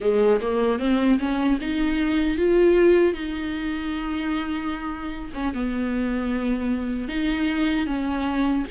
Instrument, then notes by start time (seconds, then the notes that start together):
viola
0.00 G#3
0.41 A#3
0.79 C4
1.19 C#4
1.60 D#4
2.37 F4
3.13 D#4
5.34 C#4
5.54 B3
7.08 D#4
7.86 C#4